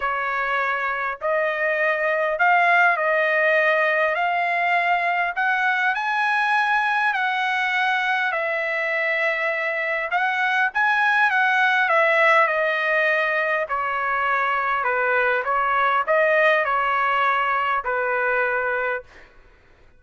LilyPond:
\new Staff \with { instrumentName = "trumpet" } { \time 4/4 \tempo 4 = 101 cis''2 dis''2 | f''4 dis''2 f''4~ | f''4 fis''4 gis''2 | fis''2 e''2~ |
e''4 fis''4 gis''4 fis''4 | e''4 dis''2 cis''4~ | cis''4 b'4 cis''4 dis''4 | cis''2 b'2 | }